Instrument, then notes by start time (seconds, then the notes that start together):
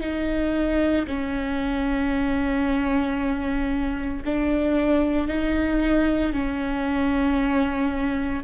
viola
0.00 D#4
1.07 C#4
4.25 D4
5.27 D#4
6.33 C#4